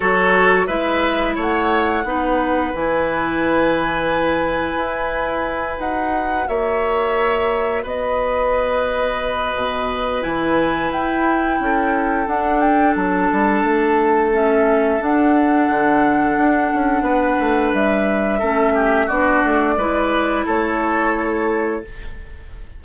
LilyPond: <<
  \new Staff \with { instrumentName = "flute" } { \time 4/4 \tempo 4 = 88 cis''4 e''4 fis''2 | gis''1~ | gis''8 fis''4 e''2 dis''8~ | dis''2. gis''4 |
g''2 fis''8 g''8 a''4~ | a''4 e''4 fis''2~ | fis''2 e''2 | d''2 cis''2 | }
  \new Staff \with { instrumentName = "oboe" } { \time 4/4 a'4 b'4 cis''4 b'4~ | b'1~ | b'4. cis''2 b'8~ | b'1~ |
b'4 a'2.~ | a'1~ | a'4 b'2 a'8 g'8 | fis'4 b'4 a'2 | }
  \new Staff \with { instrumentName = "clarinet" } { \time 4/4 fis'4 e'2 dis'4 | e'1~ | e'8 fis'2.~ fis'8~ | fis'2. e'4~ |
e'2 d'2~ | d'4 cis'4 d'2~ | d'2. cis'4 | d'4 e'2. | }
  \new Staff \with { instrumentName = "bassoon" } { \time 4/4 fis4 gis4 a4 b4 | e2. e'4~ | e'8 dis'4 ais2 b8~ | b2 b,4 e4 |
e'4 cis'4 d'4 fis8 g8 | a2 d'4 d4 | d'8 cis'8 b8 a8 g4 a4 | b8 a8 gis4 a2 | }
>>